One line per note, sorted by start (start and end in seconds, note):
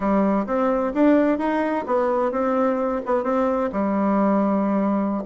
0.00 0.45 G3
0.46 0.92 C4
0.94 1.38 D4
1.38 1.84 D#4
1.86 2.31 B3
2.31 3.01 C4
3.05 3.23 B3
3.23 3.70 C4
3.72 5.23 G3